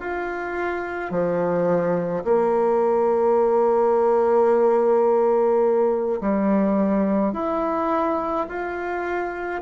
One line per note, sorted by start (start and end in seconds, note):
0.00 1.11 F4
1.11 2.24 F3
2.24 6.20 A#3
6.21 7.33 G3
7.33 8.46 E4
8.49 9.62 F4